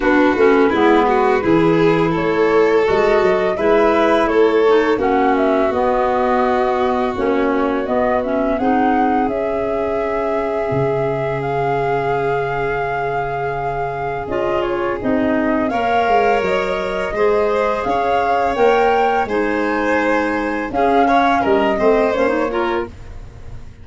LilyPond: <<
  \new Staff \with { instrumentName = "flute" } { \time 4/4 \tempo 4 = 84 b'2. cis''4 | dis''4 e''4 cis''4 fis''8 e''8 | dis''2 cis''4 dis''8 e''8 | fis''4 e''2. |
f''1 | dis''8 cis''8 dis''4 f''4 dis''4~ | dis''4 f''4 g''4 gis''4~ | gis''4 f''4 dis''4 cis''4 | }
  \new Staff \with { instrumentName = "violin" } { \time 4/4 fis'4 e'8 fis'8 gis'4 a'4~ | a'4 b'4 a'4 fis'4~ | fis'1 | gis'1~ |
gis'1~ | gis'2 cis''2 | c''4 cis''2 c''4~ | c''4 gis'8 cis''8 ais'8 c''4 ais'8 | }
  \new Staff \with { instrumentName = "clarinet" } { \time 4/4 d'8 cis'8 b4 e'2 | fis'4 e'4. dis'8 cis'4 | b2 cis'4 b8 cis'8 | dis'4 cis'2.~ |
cis'1 | f'4 dis'4 ais'2 | gis'2 ais'4 dis'4~ | dis'4 cis'4. c'8 cis'16 dis'16 f'8 | }
  \new Staff \with { instrumentName = "tuba" } { \time 4/4 b8 a8 gis4 e4 a4 | gis8 fis8 gis4 a4 ais4 | b2 ais4 b4 | c'4 cis'2 cis4~ |
cis1 | cis'4 c'4 ais8 gis8 fis4 | gis4 cis'4 ais4 gis4~ | gis4 cis'4 g8 a8 ais4 | }
>>